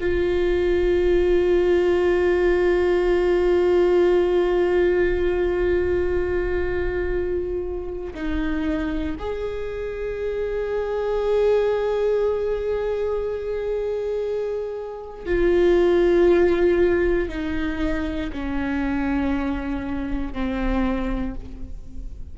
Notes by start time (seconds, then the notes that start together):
0.00 F4
8.14 D#4
9.18 G#4
15.25 F4
17.29 D#4
18.32 C#4
20.33 C4